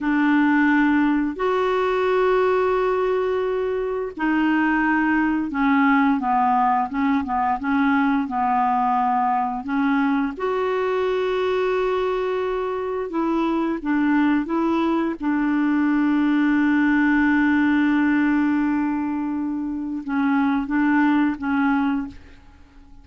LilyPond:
\new Staff \with { instrumentName = "clarinet" } { \time 4/4 \tempo 4 = 87 d'2 fis'2~ | fis'2 dis'2 | cis'4 b4 cis'8 b8 cis'4 | b2 cis'4 fis'4~ |
fis'2. e'4 | d'4 e'4 d'2~ | d'1~ | d'4 cis'4 d'4 cis'4 | }